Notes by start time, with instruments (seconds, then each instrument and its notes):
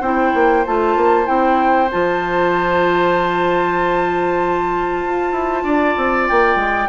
0.00 bassoon C4, clarinet E4, oboe C5, flute G5
0.34 bassoon A#3
0.66 bassoon A3, clarinet F4, flute A5
0.96 bassoon A#3
1.25 bassoon C4, clarinet E4, flute G5
1.91 bassoon F3, clarinet F4, flute A5
5.05 bassoon F4
5.32 bassoon E4
5.63 bassoon D4, oboe D5
5.97 bassoon C4
6.28 bassoon A#3, flute G5
6.55 bassoon G#3